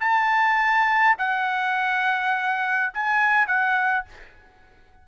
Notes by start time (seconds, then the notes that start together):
0.00 A5
1.18 F#5
2.94 G#5
3.47 F#5